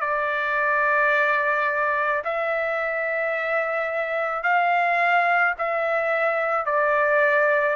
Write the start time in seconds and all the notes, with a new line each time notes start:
0.00 D5
2.24 E5
4.43 F5
5.58 E5
6.66 D5